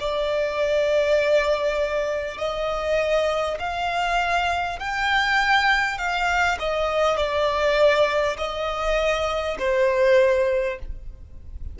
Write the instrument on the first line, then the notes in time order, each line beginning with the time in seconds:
violin
0.00 D5
2.38 D#5
3.59 F5
4.79 G5
5.98 F5
6.59 D#5
7.17 D5
8.37 D#5
9.59 C5